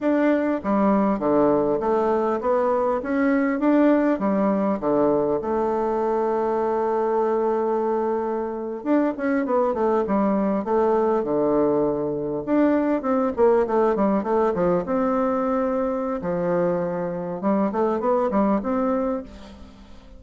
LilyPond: \new Staff \with { instrumentName = "bassoon" } { \time 4/4 \tempo 4 = 100 d'4 g4 d4 a4 | b4 cis'4 d'4 g4 | d4 a2.~ | a2~ a8. d'8 cis'8 b16~ |
b16 a8 g4 a4 d4~ d16~ | d8. d'4 c'8 ais8 a8 g8 a16~ | a16 f8 c'2~ c'16 f4~ | f4 g8 a8 b8 g8 c'4 | }